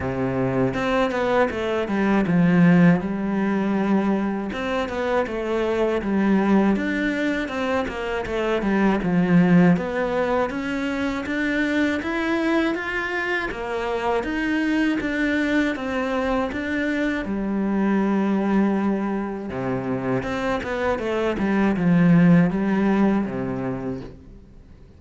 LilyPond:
\new Staff \with { instrumentName = "cello" } { \time 4/4 \tempo 4 = 80 c4 c'8 b8 a8 g8 f4 | g2 c'8 b8 a4 | g4 d'4 c'8 ais8 a8 g8 | f4 b4 cis'4 d'4 |
e'4 f'4 ais4 dis'4 | d'4 c'4 d'4 g4~ | g2 c4 c'8 b8 | a8 g8 f4 g4 c4 | }